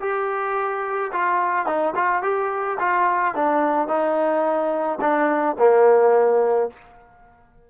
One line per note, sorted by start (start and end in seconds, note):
0.00 1.11 G4
1.12 1.66 F4
1.66 1.93 D#4
1.95 2.22 F4
2.22 2.78 G4
2.79 3.35 F4
3.35 3.88 D4
3.88 4.99 D#4
5.01 5.56 D4
5.58 6.69 A#3